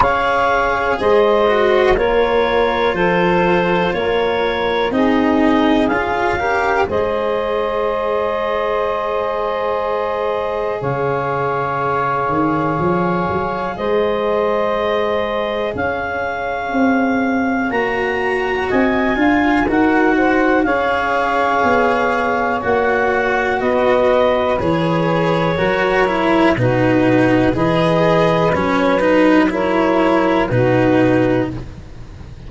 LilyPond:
<<
  \new Staff \with { instrumentName = "clarinet" } { \time 4/4 \tempo 4 = 61 f''4 dis''4 cis''4 c''4 | cis''4 dis''4 f''4 dis''4~ | dis''2. f''4~ | f''2 dis''2 |
f''2 ais''4 gis''4 | fis''4 f''2 fis''4 | dis''4 cis''2 b'4 | dis''4 cis''8 b'8 cis''4 b'4 | }
  \new Staff \with { instrumentName = "saxophone" } { \time 4/4 cis''4 c''4 ais'4 a'4 | ais'4 gis'4. ais'8 c''4~ | c''2. cis''4~ | cis''2 c''2 |
cis''2. dis''8 f''8 | ais'8 c''8 cis''2. | b'2 ais'4 fis'4 | b'2 ais'4 fis'4 | }
  \new Staff \with { instrumentName = "cello" } { \time 4/4 gis'4. fis'8 f'2~ | f'4 dis'4 f'8 g'8 gis'4~ | gis'1~ | gis'1~ |
gis'2 fis'4. f'8 | fis'4 gis'2 fis'4~ | fis'4 gis'4 fis'8 e'8 dis'4 | gis'4 cis'8 dis'8 e'4 dis'4 | }
  \new Staff \with { instrumentName = "tuba" } { \time 4/4 cis'4 gis4 ais4 f4 | ais4 c'4 cis'4 gis4~ | gis2. cis4~ | cis8 dis8 f8 fis8 gis2 |
cis'4 c'4 ais4 c'8 d'8 | dis'4 cis'4 b4 ais4 | b4 e4 fis4 b,4 | e4 fis2 b,4 | }
>>